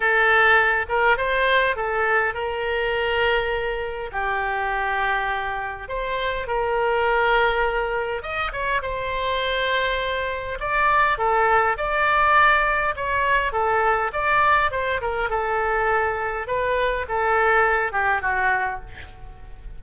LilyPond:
\new Staff \with { instrumentName = "oboe" } { \time 4/4 \tempo 4 = 102 a'4. ais'8 c''4 a'4 | ais'2. g'4~ | g'2 c''4 ais'4~ | ais'2 dis''8 cis''8 c''4~ |
c''2 d''4 a'4 | d''2 cis''4 a'4 | d''4 c''8 ais'8 a'2 | b'4 a'4. g'8 fis'4 | }